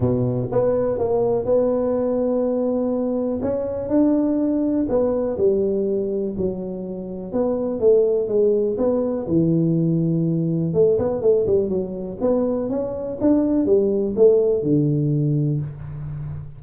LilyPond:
\new Staff \with { instrumentName = "tuba" } { \time 4/4 \tempo 4 = 123 b,4 b4 ais4 b4~ | b2. cis'4 | d'2 b4 g4~ | g4 fis2 b4 |
a4 gis4 b4 e4~ | e2 a8 b8 a8 g8 | fis4 b4 cis'4 d'4 | g4 a4 d2 | }